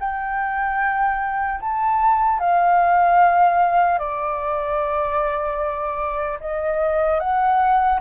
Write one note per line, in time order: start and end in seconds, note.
0.00 1.60 G5
1.60 2.40 A5
2.40 3.99 F5
3.99 6.39 D5
6.40 7.20 D#5
7.20 8.00 F#5